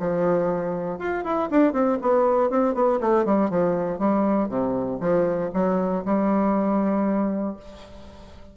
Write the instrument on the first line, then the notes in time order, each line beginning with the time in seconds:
bassoon
0.00 F3
0.99 F4
1.24 E4
1.51 D4
1.73 C4
2.02 B3
2.50 C4
2.75 B3
3.01 A3
3.26 G3
3.50 F3
3.99 G3
4.49 C3
5.01 F3
5.54 F#3
6.05 G3